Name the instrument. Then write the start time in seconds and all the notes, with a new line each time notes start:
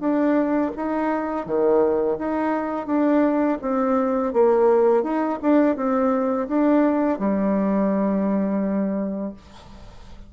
bassoon
0.00 D4
0.77 D#4
1.46 D#3
2.19 D#4
2.87 D4
3.62 C4
4.33 A#3
5.04 D#4
5.42 D4
5.77 C4
6.48 D4
7.19 G3